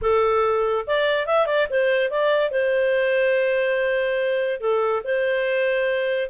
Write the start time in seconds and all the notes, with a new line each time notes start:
0.01 A4
0.86 D5
1.26 E5
1.46 D5
1.70 C5
2.10 D5
2.50 C5
4.60 A4
5.04 C5